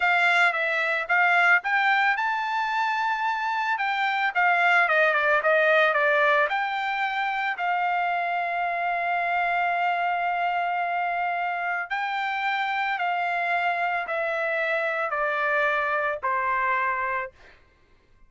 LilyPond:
\new Staff \with { instrumentName = "trumpet" } { \time 4/4 \tempo 4 = 111 f''4 e''4 f''4 g''4 | a''2. g''4 | f''4 dis''8 d''8 dis''4 d''4 | g''2 f''2~ |
f''1~ | f''2 g''2 | f''2 e''2 | d''2 c''2 | }